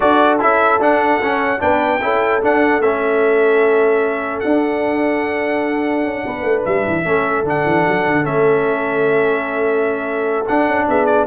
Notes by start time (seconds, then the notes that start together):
0.00 D4 F#4 A4 D5
0.39 C#4 E4 E5
0.79 D4 F#5
1.21 C#4
1.59 B3 D4 B4 G5
2.01 C#4 E4 A4
2.41 D4 F#5
2.79 A3 C#4 E5
4.40 D4 F#5
6.03 C#4
6.25 B3 B4
6.42 A3
6.64 G3 E5
6.87 E3
7.04 A3 C#4 A4
7.43 D3 D4 F#5
7.65 E3
7.88 F#3
8.06 D3
8.23 A3 C#4 E5
10.47 D4 F#5
10.67 C#4
10.88 B3 G#4 E5
11.05 D5